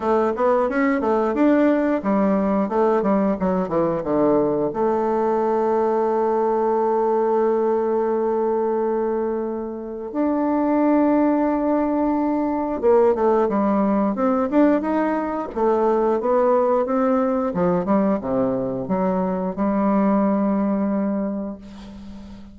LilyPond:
\new Staff \with { instrumentName = "bassoon" } { \time 4/4 \tempo 4 = 89 a8 b8 cis'8 a8 d'4 g4 | a8 g8 fis8 e8 d4 a4~ | a1~ | a2. d'4~ |
d'2. ais8 a8 | g4 c'8 d'8 dis'4 a4 | b4 c'4 f8 g8 c4 | fis4 g2. | }